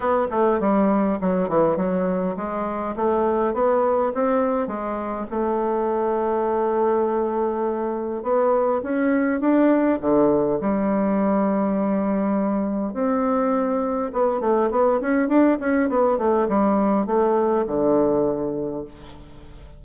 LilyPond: \new Staff \with { instrumentName = "bassoon" } { \time 4/4 \tempo 4 = 102 b8 a8 g4 fis8 e8 fis4 | gis4 a4 b4 c'4 | gis4 a2.~ | a2 b4 cis'4 |
d'4 d4 g2~ | g2 c'2 | b8 a8 b8 cis'8 d'8 cis'8 b8 a8 | g4 a4 d2 | }